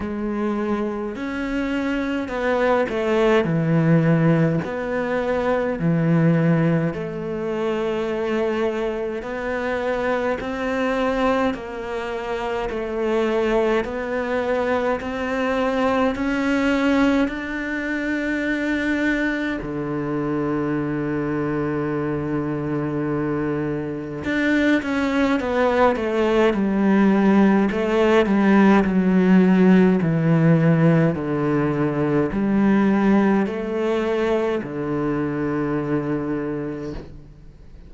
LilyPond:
\new Staff \with { instrumentName = "cello" } { \time 4/4 \tempo 4 = 52 gis4 cis'4 b8 a8 e4 | b4 e4 a2 | b4 c'4 ais4 a4 | b4 c'4 cis'4 d'4~ |
d'4 d2.~ | d4 d'8 cis'8 b8 a8 g4 | a8 g8 fis4 e4 d4 | g4 a4 d2 | }